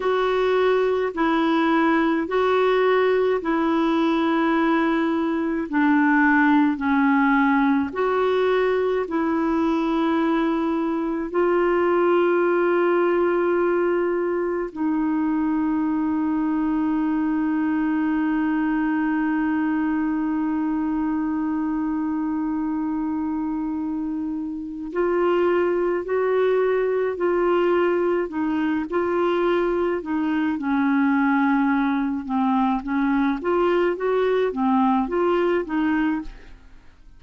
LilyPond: \new Staff \with { instrumentName = "clarinet" } { \time 4/4 \tempo 4 = 53 fis'4 e'4 fis'4 e'4~ | e'4 d'4 cis'4 fis'4 | e'2 f'2~ | f'4 dis'2.~ |
dis'1~ | dis'2 f'4 fis'4 | f'4 dis'8 f'4 dis'8 cis'4~ | cis'8 c'8 cis'8 f'8 fis'8 c'8 f'8 dis'8 | }